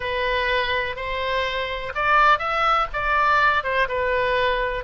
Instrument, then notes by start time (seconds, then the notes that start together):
oboe
0.00 B4
0.96 C5
1.94 D5
2.38 E5
2.93 D5
3.63 C5
3.88 B4